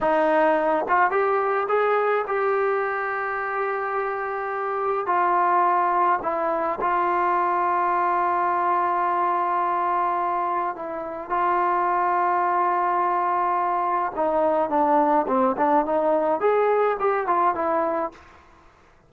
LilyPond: \new Staff \with { instrumentName = "trombone" } { \time 4/4 \tempo 4 = 106 dis'4. f'8 g'4 gis'4 | g'1~ | g'4 f'2 e'4 | f'1~ |
f'2. e'4 | f'1~ | f'4 dis'4 d'4 c'8 d'8 | dis'4 gis'4 g'8 f'8 e'4 | }